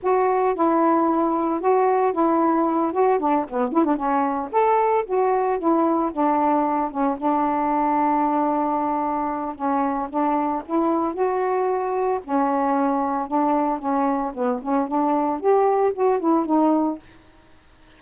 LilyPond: \new Staff \with { instrumentName = "saxophone" } { \time 4/4 \tempo 4 = 113 fis'4 e'2 fis'4 | e'4. fis'8 d'8 b8 e'16 d'16 cis'8~ | cis'8 a'4 fis'4 e'4 d'8~ | d'4 cis'8 d'2~ d'8~ |
d'2 cis'4 d'4 | e'4 fis'2 cis'4~ | cis'4 d'4 cis'4 b8 cis'8 | d'4 g'4 fis'8 e'8 dis'4 | }